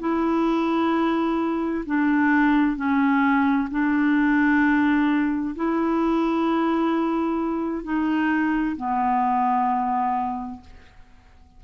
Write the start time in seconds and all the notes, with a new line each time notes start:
0.00 E4
1.86 D4
2.77 C#4
3.71 D4
5.56 E4
7.84 D#4
8.77 B3